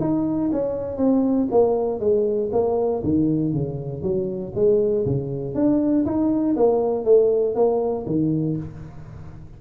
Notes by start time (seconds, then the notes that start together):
0.00 D#4
0.52 C#4
0.97 C4
1.51 A#3
2.00 G#3
2.52 A#3
3.03 D#3
3.53 C#3
4.02 F#3
4.55 G#3
5.06 C#3
5.55 D4
6.05 D#4
6.56 A#3
7.04 A3
7.55 A#3
8.06 D#3